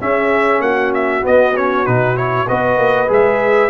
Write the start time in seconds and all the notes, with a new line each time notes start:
0.00 C#4 G#4 E5
0.60 A#3 F#4 F#5
0.94 E5
1.22 B3 D#5
1.57 C#4 C#5
1.86 B2 D#4 B4
2.16 E4 C#5
2.48 B3 F#4 B4 D#5
2.77 A#3
3.08 G#3 G#4 E5